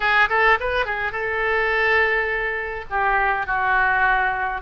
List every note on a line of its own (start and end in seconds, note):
0.00 0.29 G#4
0.29 0.58 A4
0.60 0.85 B4
0.85 1.11 G#4
1.11 2.85 A4
2.90 3.46 G4
3.46 4.61 F#4